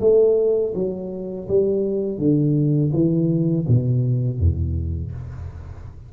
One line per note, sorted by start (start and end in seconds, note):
0.00 0.73 A3
0.75 1.48 F#3
1.48 2.18 G3
2.18 2.91 D3
2.93 3.66 E3
3.68 4.39 B2
4.39 5.12 E2